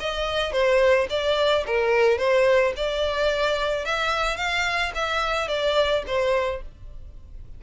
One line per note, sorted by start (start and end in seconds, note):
0.00 0.52 D#5
0.52 1.07 C5
1.09 1.64 D5
1.66 2.18 A#4
2.18 2.73 C5
2.76 3.85 D5
3.85 4.37 E5
4.37 4.92 F5
4.95 5.48 E5
5.48 6.03 D5
6.07 6.62 C5